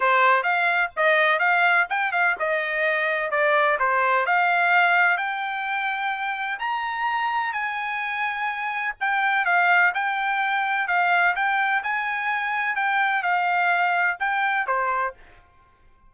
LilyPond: \new Staff \with { instrumentName = "trumpet" } { \time 4/4 \tempo 4 = 127 c''4 f''4 dis''4 f''4 | g''8 f''8 dis''2 d''4 | c''4 f''2 g''4~ | g''2 ais''2 |
gis''2. g''4 | f''4 g''2 f''4 | g''4 gis''2 g''4 | f''2 g''4 c''4 | }